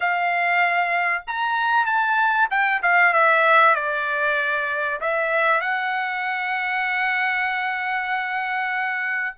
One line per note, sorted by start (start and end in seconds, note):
0.00 1.23 F5
1.27 1.86 A#5
1.86 2.48 A5
2.50 2.81 G5
2.82 3.12 F5
3.12 3.75 E5
3.75 5.00 D5
5.00 5.61 E5
5.61 9.36 F#5